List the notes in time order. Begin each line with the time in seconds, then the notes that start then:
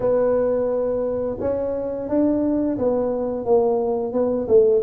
0.00 B3
1.39 C#4
2.08 D4
2.78 B3
3.45 A#3
4.12 B3
4.48 A3